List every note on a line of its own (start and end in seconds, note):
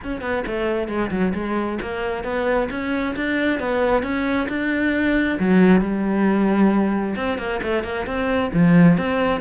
0.03 0.21 C#4
0.21 0.43 B3
0.46 0.88 A3
0.88 1.10 G#3
1.11 1.33 F#3
1.34 1.78 G#3
1.81 2.24 A#3
2.24 2.68 B3
2.70 3.15 C#4
3.15 3.59 D4
3.59 4.02 B3
4.02 4.47 C#4
4.49 5.38 D4
5.39 5.81 F#3
5.81 7.15 G3
7.15 7.38 C4
7.38 7.60 A#3
7.62 7.83 A3
7.83 8.06 A#3
8.06 8.51 C4
8.53 8.97 F3
8.97 9.40 C4